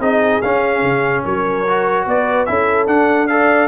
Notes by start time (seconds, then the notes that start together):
0.00 C4 D#4 G#4 D#5
0.42 C#4 F5
0.83 C#3
1.25 F#3 A#4 C#5
1.69 F#4
2.07 B3 B4 D5
2.46 C#4 E4 A4 E5
2.87 D4 F#5
3.28 A4 D5 F5